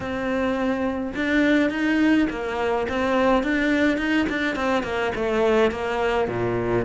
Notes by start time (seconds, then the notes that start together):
0.00 C4
1.15 D4
1.70 D#4
2.30 A#3
2.88 C4
3.43 D4
3.97 D#4
4.29 D4
4.55 C4
4.83 A#3
5.15 A3
5.71 A#3
6.28 A#2